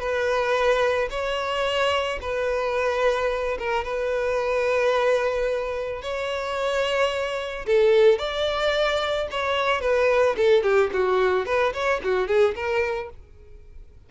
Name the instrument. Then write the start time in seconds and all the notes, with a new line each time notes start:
violin
0.00 B4
1.11 C#5
2.22 B4
3.59 A#4
3.85 B4
6.02 C#5
7.67 A4
8.19 D5
9.31 C#5
9.82 B4
10.37 A4
10.63 G4
10.93 F#4
11.46 B4
11.74 C#5
12.04 F#4
12.28 G#4
12.56 A#4